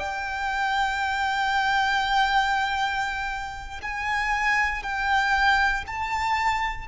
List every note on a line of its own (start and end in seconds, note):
0.00 3.81 G5
3.82 4.84 G#5
4.84 5.85 G5
5.87 6.88 A5